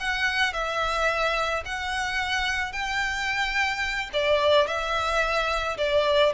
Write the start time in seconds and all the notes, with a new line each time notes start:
0.00 F#5
0.53 E5
1.65 F#5
2.72 G5
4.13 D5
4.67 E5
5.78 D5